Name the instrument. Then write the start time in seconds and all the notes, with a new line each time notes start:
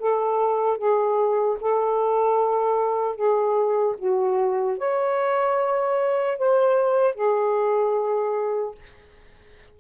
saxophone
0.00 A4
0.78 G#4
1.61 A4
3.16 G#4
3.99 F#4
4.79 C#5
6.39 C5
7.15 G#4